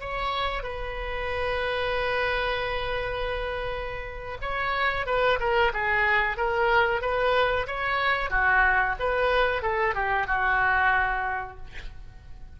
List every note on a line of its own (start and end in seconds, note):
0.00 0.63 C#5
0.63 4.38 B4
4.41 5.06 C#5
5.06 5.38 B4
5.39 5.72 A#4
5.73 6.36 G#4
6.36 7.01 A#4
7.01 7.66 B4
7.67 8.30 C#5
8.30 8.95 F#4
8.99 9.62 B4
9.62 9.94 A4
9.94 10.27 G4
10.27 11.57 F#4